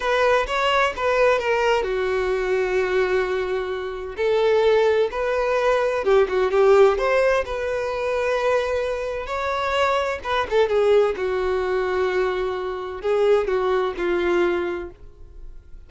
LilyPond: \new Staff \with { instrumentName = "violin" } { \time 4/4 \tempo 4 = 129 b'4 cis''4 b'4 ais'4 | fis'1~ | fis'4 a'2 b'4~ | b'4 g'8 fis'8 g'4 c''4 |
b'1 | cis''2 b'8 a'8 gis'4 | fis'1 | gis'4 fis'4 f'2 | }